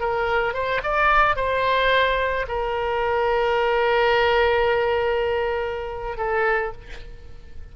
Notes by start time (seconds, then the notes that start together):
0.00 A#4
0.54 C5
0.83 D5
1.36 C5
2.48 A#4
6.17 A4